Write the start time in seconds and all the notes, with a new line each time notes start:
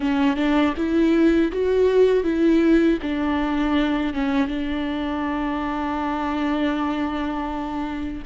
0.00 C#4
0.36 D4
0.76 E4
1.52 F#4
2.23 E4
3.01 D4
4.13 C#4
4.47 D4